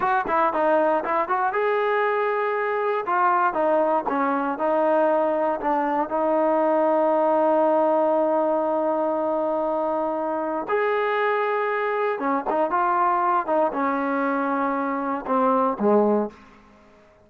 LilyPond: \new Staff \with { instrumentName = "trombone" } { \time 4/4 \tempo 4 = 118 fis'8 e'8 dis'4 e'8 fis'8 gis'4~ | gis'2 f'4 dis'4 | cis'4 dis'2 d'4 | dis'1~ |
dis'1~ | dis'4 gis'2. | cis'8 dis'8 f'4. dis'8 cis'4~ | cis'2 c'4 gis4 | }